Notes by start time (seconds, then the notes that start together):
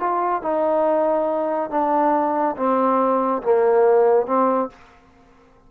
0.00 F4
0.42 D#4
1.70 D4
2.57 C4
3.43 A#3
4.27 C4